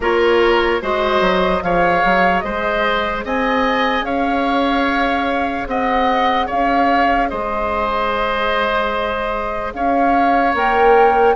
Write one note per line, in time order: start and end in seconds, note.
0.00 0.80 A#3
0.00 0.81 F4
0.00 0.82 A#4
0.00 0.83 C#5
0.81 1.20 G#3
0.81 1.61 F#4
0.81 1.63 C5
0.81 1.62 D#5
1.20 1.61 F#3
1.61 2.03 F3
1.61 10.53 G#4
1.61 2.44 C#5
1.61 2.39 F5
2.04 2.43 F#3
2.39 3.24 G#3
2.39 3.24 C5
2.39 3.20 D#5
3.24 4.02 C4
3.24 4.05 D#5
3.24 4.05 G#5
4.02 5.64 C#4
4.02 5.67 C#5
4.02 5.67 F5
5.66 6.47 C4
5.66 6.46 D#5
5.66 6.48 F#5
6.46 7.32 C#4
6.46 7.27 C#5
6.46 7.29 F5
7.29 9.73 G#3
7.29 9.73 C5
7.29 9.72 D#5
9.73 10.54 C#4
9.73 11.35 C#5
9.73 10.54 F5
10.54 11.35 A#3
10.54 11.35 A#4
10.54 11.35 G5